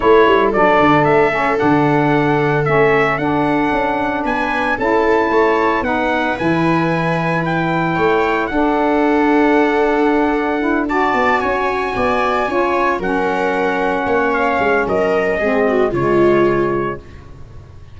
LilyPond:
<<
  \new Staff \with { instrumentName = "trumpet" } { \time 4/4 \tempo 4 = 113 cis''4 d''4 e''4 fis''4~ | fis''4 e''4 fis''2 | gis''4 a''2 fis''4 | gis''2 g''2 |
fis''1~ | fis''8 a''4 gis''2~ gis''8~ | gis''8 fis''2~ fis''8 f''4 | dis''2 cis''2 | }
  \new Staff \with { instrumentName = "viola" } { \time 4/4 a'1~ | a'1 | b'4 a'4 cis''4 b'4~ | b'2. cis''4 |
a'1~ | a'8 d''4 cis''4 d''4 cis''8~ | cis''8 ais'2 cis''4. | ais'4 gis'8 fis'8 f'2 | }
  \new Staff \with { instrumentName = "saxophone" } { \time 4/4 e'4 d'4. cis'8 d'4~ | d'4 cis'4 d'2~ | d'4 e'2 dis'4 | e'1 |
d'1 | e'8 fis'2. f'8~ | f'8 cis'2.~ cis'8~ | cis'4 c'4 gis2 | }
  \new Staff \with { instrumentName = "tuba" } { \time 4/4 a8 g8 fis8 d8 a4 d4~ | d4 a4 d'4 cis'4 | b4 cis'4 a4 b4 | e2. a4 |
d'1~ | d'4 b8 cis'4 b4 cis'8~ | cis'8 fis2 ais4 gis8 | fis4 gis4 cis2 | }
>>